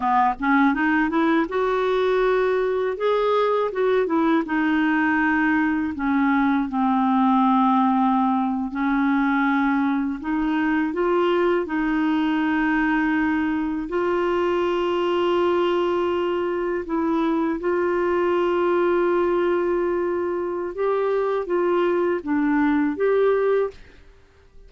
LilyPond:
\new Staff \with { instrumentName = "clarinet" } { \time 4/4 \tempo 4 = 81 b8 cis'8 dis'8 e'8 fis'2 | gis'4 fis'8 e'8 dis'2 | cis'4 c'2~ c'8. cis'16~ | cis'4.~ cis'16 dis'4 f'4 dis'16~ |
dis'2~ dis'8. f'4~ f'16~ | f'2~ f'8. e'4 f'16~ | f'1 | g'4 f'4 d'4 g'4 | }